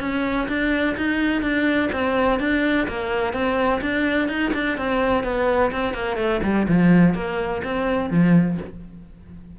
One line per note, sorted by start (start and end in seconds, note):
0.00 0.48 C#4
0.48 0.96 D4
0.97 1.42 D#4
1.42 1.89 D4
1.92 2.39 C4
2.39 2.87 D4
2.88 3.33 A#3
3.33 3.81 C4
3.81 4.28 D4
4.28 4.52 D#4
4.53 4.77 D4
4.77 5.23 C4
5.23 5.71 B3
5.71 5.94 C4
5.94 6.17 A#3
6.17 6.40 A3
6.43 6.66 G3
6.68 7.14 F3
7.14 7.62 A#3
7.64 8.10 C4
8.10 8.57 F3